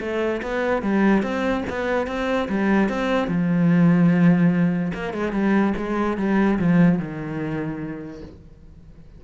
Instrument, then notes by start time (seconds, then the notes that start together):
cello
0.00 A3
0.42 B3
0.82 G3
1.22 C4
1.69 B3
2.07 C4
2.48 G3
2.89 C4
3.27 F3
4.93 A#3
5.13 G#3
5.32 G3
5.77 G#3
6.17 G3
6.58 F3
6.98 D#3